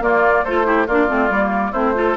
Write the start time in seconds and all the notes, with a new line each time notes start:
0.00 A#3 F4 D5
0.44 A3 F4 A4 C5
0.64 E4 G4
0.87 A#3 D4 F4 D5
1.07 A3 C4
1.29 G3 A#3
1.71 A3 C4 E4 C5
1.94 F4 A4